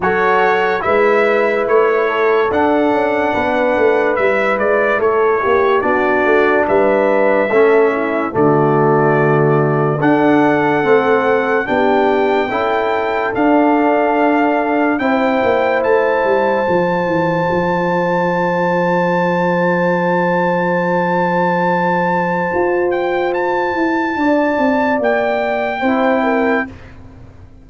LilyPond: <<
  \new Staff \with { instrumentName = "trumpet" } { \time 4/4 \tempo 4 = 72 cis''4 e''4 cis''4 fis''4~ | fis''4 e''8 d''8 cis''4 d''4 | e''2 d''2 | fis''2 g''2 |
f''2 g''4 a''4~ | a''1~ | a''2.~ a''8 g''8 | a''2 g''2 | }
  \new Staff \with { instrumentName = "horn" } { \time 4/4 a'4 b'4. a'4. | b'2 a'8 g'8 fis'4 | b'4 a'8 e'8 fis'2 | a'2 g'4 a'4~ |
a'2 c''2~ | c''1~ | c''1~ | c''4 d''2 c''8 ais'8 | }
  \new Staff \with { instrumentName = "trombone" } { \time 4/4 fis'4 e'2 d'4~ | d'4 e'2 d'4~ | d'4 cis'4 a2 | d'4 c'4 d'4 e'4 |
d'2 e'2 | f'1~ | f'1~ | f'2. e'4 | }
  \new Staff \with { instrumentName = "tuba" } { \time 4/4 fis4 gis4 a4 d'8 cis'8 | b8 a8 g8 gis8 a8 ais8 b8 a8 | g4 a4 d2 | d'4 a4 b4 cis'4 |
d'2 c'8 ais8 a8 g8 | f8 e8 f2.~ | f2. f'4~ | f'8 e'8 d'8 c'8 ais4 c'4 | }
>>